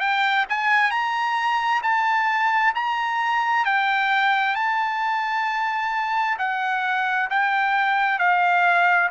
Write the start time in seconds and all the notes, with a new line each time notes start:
0.00 G5
0.50 G#5
0.91 A#5
1.83 A5
2.75 A#5
3.65 G5
4.55 A5
6.38 F#5
7.30 G5
8.19 F5